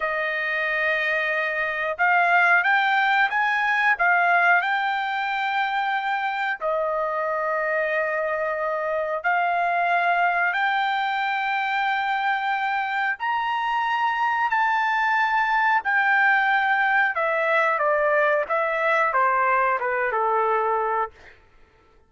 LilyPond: \new Staff \with { instrumentName = "trumpet" } { \time 4/4 \tempo 4 = 91 dis''2. f''4 | g''4 gis''4 f''4 g''4~ | g''2 dis''2~ | dis''2 f''2 |
g''1 | ais''2 a''2 | g''2 e''4 d''4 | e''4 c''4 b'8 a'4. | }